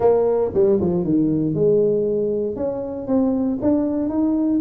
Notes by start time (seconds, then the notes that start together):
0.00 A#3
0.53 G3
0.80 F3
1.04 D#3
1.54 G#3
2.55 C#4
3.07 C4
3.61 D4
4.09 D#4